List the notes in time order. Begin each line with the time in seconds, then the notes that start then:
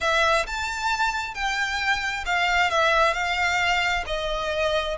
0.00 E5
0.46 A5
1.34 G5
2.25 F5
2.70 E5
3.13 F5
4.06 D#5